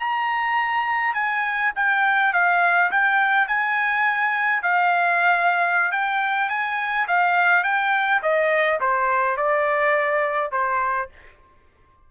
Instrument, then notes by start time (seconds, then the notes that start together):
trumpet
0.00 A#5
1.14 G#5
1.76 G5
2.34 F5
2.92 G5
3.48 G#5
4.63 F5
5.92 G5
6.49 G#5
7.08 F5
7.64 G5
8.23 D#5
8.81 C5
9.37 D5
10.52 C5